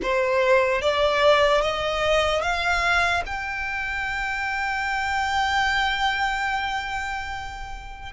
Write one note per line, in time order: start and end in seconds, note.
0.02 0.81 C5
0.81 1.61 D5
1.61 2.41 D#5
2.41 3.22 F5
3.25 8.12 G5